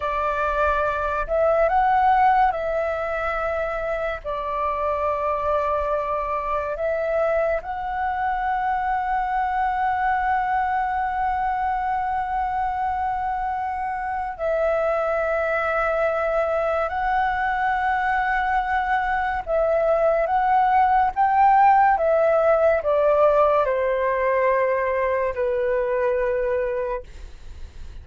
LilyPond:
\new Staff \with { instrumentName = "flute" } { \time 4/4 \tempo 4 = 71 d''4. e''8 fis''4 e''4~ | e''4 d''2. | e''4 fis''2.~ | fis''1~ |
fis''4 e''2. | fis''2. e''4 | fis''4 g''4 e''4 d''4 | c''2 b'2 | }